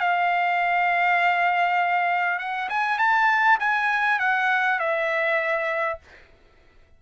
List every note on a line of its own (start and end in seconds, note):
0.00 2.39 F5
2.39 2.69 F#5
2.69 2.98 G#5
2.98 3.58 A5
3.60 4.19 G#5
4.19 4.79 F#5
4.79 5.99 E5